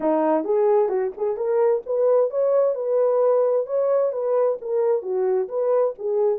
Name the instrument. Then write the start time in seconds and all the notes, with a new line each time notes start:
horn
0.00 D#4
0.44 G#4
0.88 F#4
1.17 G#4
1.36 A#4
1.85 B4
2.30 C#5
2.74 B4
3.66 C#5
4.12 B4
4.61 A#4
5.02 F#4
5.48 B4
5.98 G#4